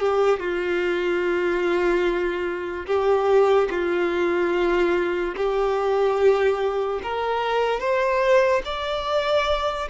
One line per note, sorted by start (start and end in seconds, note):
0.00 0.40 G4
0.40 2.87 F4
2.87 3.69 G4
3.71 5.35 F4
5.36 7.01 G4
7.03 7.80 A#4
7.80 8.63 C5
8.65 9.89 D5